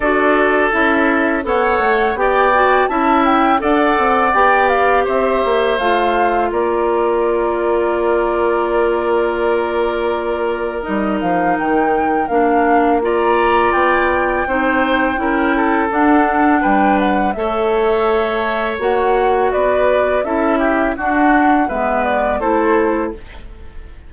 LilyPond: <<
  \new Staff \with { instrumentName = "flute" } { \time 4/4 \tempo 4 = 83 d''4 e''4 fis''4 g''4 | a''8 g''8 fis''4 g''8 f''8 e''4 | f''4 d''2.~ | d''2. dis''8 f''8 |
g''4 f''4 ais''4 g''4~ | g''2 fis''4 g''8 fis''8 | e''2 fis''4 d''4 | e''4 fis''4 e''8 d''8 c''4 | }
  \new Staff \with { instrumentName = "oboe" } { \time 4/4 a'2 cis''4 d''4 | e''4 d''2 c''4~ | c''4 ais'2.~ | ais'1~ |
ais'2 d''2 | c''4 ais'8 a'4. b'4 | cis''2. b'4 | a'8 g'8 fis'4 b'4 a'4 | }
  \new Staff \with { instrumentName = "clarinet" } { \time 4/4 fis'4 e'4 a'4 g'8 fis'8 | e'4 a'4 g'2 | f'1~ | f'2. dis'4~ |
dis'4 d'4 f'2 | dis'4 e'4 d'2 | a'2 fis'2 | e'4 d'4 b4 e'4 | }
  \new Staff \with { instrumentName = "bassoon" } { \time 4/4 d'4 cis'4 b8 a8 b4 | cis'4 d'8 c'8 b4 c'8 ais8 | a4 ais2.~ | ais2. g8 f8 |
dis4 ais2 b4 | c'4 cis'4 d'4 g4 | a2 ais4 b4 | cis'4 d'4 gis4 a4 | }
>>